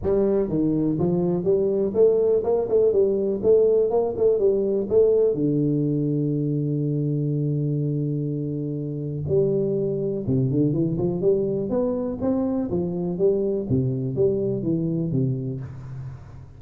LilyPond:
\new Staff \with { instrumentName = "tuba" } { \time 4/4 \tempo 4 = 123 g4 dis4 f4 g4 | a4 ais8 a8 g4 a4 | ais8 a8 g4 a4 d4~ | d1~ |
d2. g4~ | g4 c8 d8 e8 f8 g4 | b4 c'4 f4 g4 | c4 g4 e4 c4 | }